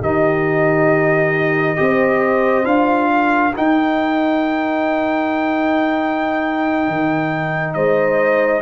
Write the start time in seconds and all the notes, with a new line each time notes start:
0.00 D#3 D#4 G4 D#5
1.76 C4 G4 C5
2.63 D4 F4 F5
3.12 A#4
3.56 D#4 G5
6.87 D#3
7.74 G#3 C5 D#5